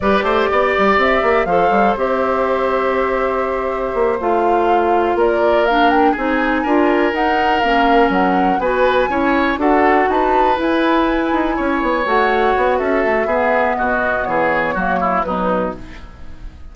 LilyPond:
<<
  \new Staff \with { instrumentName = "flute" } { \time 4/4 \tempo 4 = 122 d''2 e''4 f''4 | e''1~ | e''8 f''2 d''4 f''8 | g''8 gis''2 fis''4 f''8~ |
f''8 fis''4 gis''2 fis''8~ | fis''8 a''4 gis''2~ gis''8~ | gis''8 fis''4. e''2 | dis''4 cis''2 b'4 | }
  \new Staff \with { instrumentName = "oboe" } { \time 4/4 b'8 c''8 d''2 c''4~ | c''1~ | c''2~ c''8 ais'4.~ | ais'8 gis'4 ais'2~ ais'8~ |
ais'4. b'4 cis''4 a'8~ | a'8 b'2. cis''8~ | cis''2 a'4 gis'4 | fis'4 gis'4 fis'8 e'8 dis'4 | }
  \new Staff \with { instrumentName = "clarinet" } { \time 4/4 g'2. a'4 | g'1~ | g'8 f'2. d'8~ | d'8 dis'4 f'4 dis'4 cis'8~ |
cis'4. fis'4 e'4 fis'8~ | fis'4. e'2~ e'8~ | e'8 fis'2~ fis'8 b4~ | b2 ais4 fis4 | }
  \new Staff \with { instrumentName = "bassoon" } { \time 4/4 g8 a8 b8 g8 c'8 ais8 f8 g8 | c'1 | ais8 a2 ais4.~ | ais8 c'4 d'4 dis'4 ais8~ |
ais8 fis4 b4 cis'4 d'8~ | d'8 dis'4 e'4. dis'8 cis'8 | b8 a4 b8 cis'8 a8 b4 | b,4 e4 fis4 b,4 | }
>>